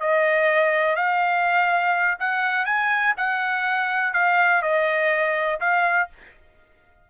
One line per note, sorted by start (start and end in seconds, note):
0.00 0.96 D#5
0.96 2.18 F5
2.19 2.65 F#5
2.65 3.14 G#5
3.17 4.13 F#5
4.13 4.62 F5
4.62 5.60 D#5
5.60 6.09 F5